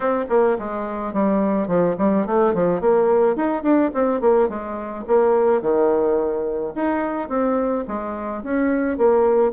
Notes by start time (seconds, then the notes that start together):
0.00 C4
0.29 A#3
0.58 G#3
1.13 G3
1.67 F3
1.98 G3
2.26 A3
2.54 F3
2.80 A#3
3.36 D#4
3.62 D4
3.94 C4
4.20 A#3
4.49 G#3
5.07 A#3
5.61 D#3
6.75 D#4
7.28 C4
7.87 G#3
8.43 C#4
8.97 A#3